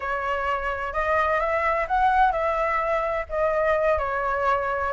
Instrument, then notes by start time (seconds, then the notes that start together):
flute
0.00 C#5
0.93 D#5
1.40 E5
1.87 F#5
2.32 E5
3.29 D#5
3.98 C#5